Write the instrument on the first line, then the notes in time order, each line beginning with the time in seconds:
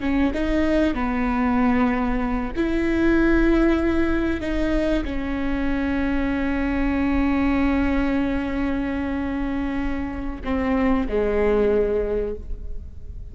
viola
0.00 C#4
0.33 D#4
0.94 B3
2.56 E4
4.40 D#4
5.04 C#4
10.44 C4
11.08 G#3